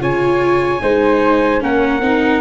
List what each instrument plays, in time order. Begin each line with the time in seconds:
0.00 tuba C#3, viola F4, flute C#5, trumpet G#5
0.82 tuba G#3, viola D#4, flute C5
1.61 tuba A#3, viola C#4, flute A#4, trumpet F#5
2.01 tuba C4, viola D#4